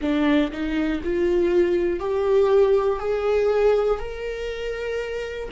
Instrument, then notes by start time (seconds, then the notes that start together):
viola
0.01 D4
0.51 D#4
1.03 F4
1.99 G4
2.99 G#4
3.99 A#4